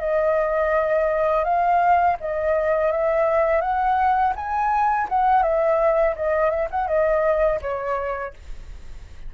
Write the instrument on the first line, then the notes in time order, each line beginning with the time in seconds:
flute
0.00 D#5
1.44 F5
2.20 D#5
2.92 E5
3.61 F#5
4.36 G#5
5.09 F#5
5.43 E5
6.16 D#5
6.50 E5
6.70 F#5
6.87 D#5
7.61 C#5